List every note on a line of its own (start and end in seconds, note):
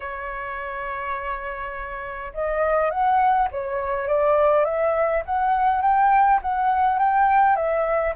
0.00 2.32 C#5
2.33 2.90 D#5
2.90 3.48 F#5
3.51 4.07 C#5
4.07 4.64 D5
4.64 5.23 E5
5.25 5.81 F#5
5.81 6.39 G5
6.42 6.98 F#5
6.98 7.55 G5
7.55 8.14 E5